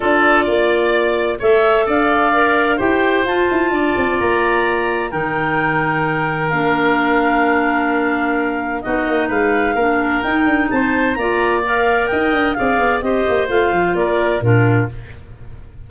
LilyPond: <<
  \new Staff \with { instrumentName = "clarinet" } { \time 4/4 \tempo 4 = 129 d''2. e''4 | f''2 g''4 a''4~ | a''4 ais''2 g''4~ | g''2 f''2~ |
f''2. dis''4 | f''2 g''4 a''4 | ais''4 f''4 g''4 f''4 | dis''4 f''4 d''4 ais'4 | }
  \new Staff \with { instrumentName = "oboe" } { \time 4/4 a'4 d''2 cis''4 | d''2 c''2 | d''2. ais'4~ | ais'1~ |
ais'2. fis'4 | b'4 ais'2 c''4 | d''2 dis''4 d''4 | c''2 ais'4 f'4 | }
  \new Staff \with { instrumentName = "clarinet" } { \time 4/4 f'2. a'4~ | a'4 ais'4 g'4 f'4~ | f'2. dis'4~ | dis'2 d'2~ |
d'2. dis'4~ | dis'4 d'4 dis'2 | f'4 ais'2 gis'4 | g'4 f'2 d'4 | }
  \new Staff \with { instrumentName = "tuba" } { \time 4/4 d'4 ais2 a4 | d'2 e'4 f'8 e'8 | d'8 c'8 ais2 dis4~ | dis2 ais2~ |
ais2. b8 ais8 | gis4 ais4 dis'8 d'8 c'4 | ais2 dis'8 d'8 c'8 b8 | c'8 ais8 a8 f8 ais4 ais,4 | }
>>